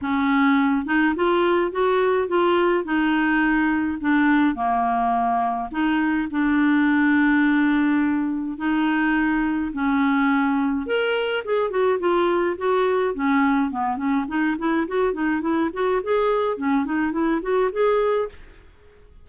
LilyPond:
\new Staff \with { instrumentName = "clarinet" } { \time 4/4 \tempo 4 = 105 cis'4. dis'8 f'4 fis'4 | f'4 dis'2 d'4 | ais2 dis'4 d'4~ | d'2. dis'4~ |
dis'4 cis'2 ais'4 | gis'8 fis'8 f'4 fis'4 cis'4 | b8 cis'8 dis'8 e'8 fis'8 dis'8 e'8 fis'8 | gis'4 cis'8 dis'8 e'8 fis'8 gis'4 | }